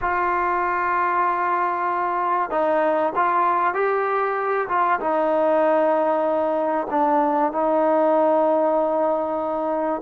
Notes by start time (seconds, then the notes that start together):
0.01 F4
2.50 D#4
3.15 F4
3.74 G4
4.68 F4
4.99 D#4
6.90 D4
7.52 D#4